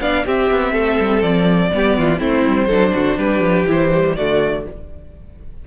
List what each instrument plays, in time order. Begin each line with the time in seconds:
0.00 cello B3, viola D4, violin D5 F5
0.25 viola C4, cello C4, violin G4 E5
0.50 cello B3
0.72 cello A3, violin A4
0.99 cello G3
1.22 cello F3, violin D5
1.72 cello G3, viola B3, violin G4
1.98 cello E3, violin F4
2.18 cello A3, viola C4, violin E4 C5
2.46 cello G3
2.67 cello F#3, viola D4, violin A4
2.94 cello D3, violin F#4
3.17 cello G3, violin G4 B4
3.40 cello F3
3.67 cello E3, viola E4, violin C5
3.91 viola G3
4.15 cello D3, viola A3, violin F#4 D5